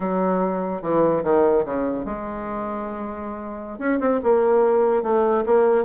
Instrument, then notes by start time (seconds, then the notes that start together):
bassoon
0.00 F#3
0.82 E3
1.23 D#3
1.65 C#3
2.05 G#3
3.78 C#4
4.00 C4
4.23 A#3
5.02 A3
5.45 A#3